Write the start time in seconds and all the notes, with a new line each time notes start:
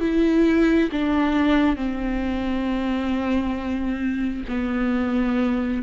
0.00 E4
0.92 D4
1.76 C4
4.48 B3